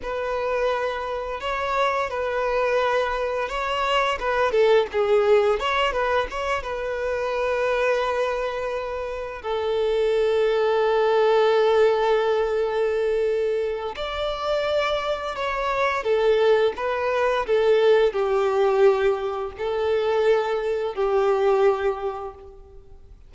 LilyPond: \new Staff \with { instrumentName = "violin" } { \time 4/4 \tempo 4 = 86 b'2 cis''4 b'4~ | b'4 cis''4 b'8 a'8 gis'4 | cis''8 b'8 cis''8 b'2~ b'8~ | b'4. a'2~ a'8~ |
a'1 | d''2 cis''4 a'4 | b'4 a'4 g'2 | a'2 g'2 | }